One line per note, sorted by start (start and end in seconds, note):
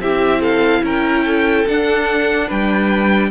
0.00 0.82 C4
0.00 1.67 E4
0.00 0.41 G4
0.00 0.42 E5
0.41 0.82 A4
0.41 0.84 F5
0.83 1.65 C#4
0.83 1.25 A#4
0.83 1.68 G5
1.25 2.48 A4
1.68 3.32 D4
1.68 2.51 D4
1.68 2.50 F#5
2.48 3.32 G3
2.48 3.30 B4
2.48 3.32 G5